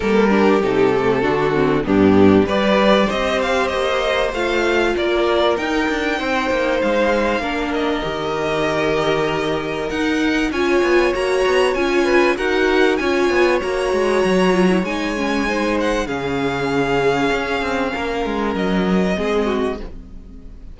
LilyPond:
<<
  \new Staff \with { instrumentName = "violin" } { \time 4/4 \tempo 4 = 97 ais'4 a'2 g'4 | d''4 dis''8 f''8 dis''4 f''4 | d''4 g''2 f''4~ | f''8 dis''2.~ dis''8 |
fis''4 gis''4 ais''4 gis''4 | fis''4 gis''4 ais''2 | gis''4. fis''8 f''2~ | f''2 dis''2 | }
  \new Staff \with { instrumentName = "violin" } { \time 4/4 a'8 g'4. fis'4 d'4 | b'4 c''2. | ais'2 c''2 | ais'1~ |
ais'4 cis''2~ cis''8 b'8 | ais'4 cis''2.~ | cis''4 c''4 gis'2~ | gis'4 ais'2 gis'8 fis'8 | }
  \new Staff \with { instrumentName = "viola" } { \time 4/4 ais8 d'8 dis'8 a8 d'8 c'8 b4 | g'2. f'4~ | f'4 dis'2. | d'4 g'2. |
dis'4 f'4 fis'4 f'4 | fis'4 f'4 fis'4. f'16 e'16 | dis'8 cis'8 dis'4 cis'2~ | cis'2. c'4 | }
  \new Staff \with { instrumentName = "cello" } { \time 4/4 g4 c4 d4 g,4 | g4 c'4 ais4 a4 | ais4 dis'8 d'8 c'8 ais8 gis4 | ais4 dis2. |
dis'4 cis'8 b8 ais8 b8 cis'4 | dis'4 cis'8 b8 ais8 gis8 fis4 | gis2 cis2 | cis'8 c'8 ais8 gis8 fis4 gis4 | }
>>